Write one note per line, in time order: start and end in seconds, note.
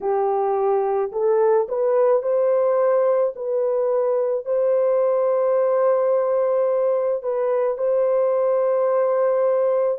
0.00 1.11 G4
1.12 1.67 A4
1.68 2.22 B4
2.22 3.33 C5
3.35 4.44 B4
4.44 7.22 C5
7.22 7.77 B4
7.77 9.98 C5